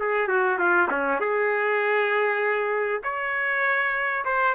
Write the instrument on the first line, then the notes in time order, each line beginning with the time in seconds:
trumpet
0.00 G#4
0.28 F#4
0.59 F4
0.91 C#4
1.20 G#4
3.04 C#5
4.25 C5